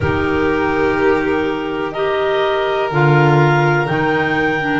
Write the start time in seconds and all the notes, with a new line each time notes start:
0.00 D#3 D#4 G4 A#4
1.92 G4 A#4 D#5
2.91 D3 F4 F5
3.86 D#3 D#4 G5
4.60 D4